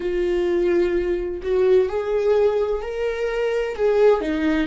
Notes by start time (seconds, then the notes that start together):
0.00 F4
1.42 F#4
1.88 G#4
2.82 A#4
3.75 G#4
4.20 D#4